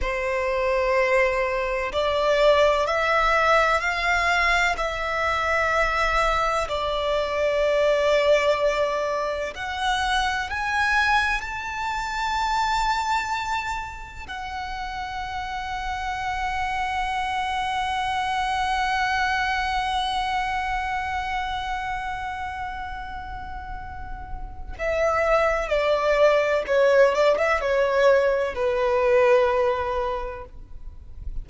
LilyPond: \new Staff \with { instrumentName = "violin" } { \time 4/4 \tempo 4 = 63 c''2 d''4 e''4 | f''4 e''2 d''4~ | d''2 fis''4 gis''4 | a''2. fis''4~ |
fis''1~ | fis''1~ | fis''2 e''4 d''4 | cis''8 d''16 e''16 cis''4 b'2 | }